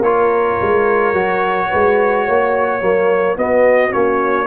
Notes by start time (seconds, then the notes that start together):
0.00 A#3 F4 A#4 C#5
0.61 G#3
1.13 F#3 F#4
1.69 G#3 B4
2.25 A#3 C#5
2.81 F#3 A#3
3.36 B3 F#4 D#5
3.91 A#3 C#4 C#5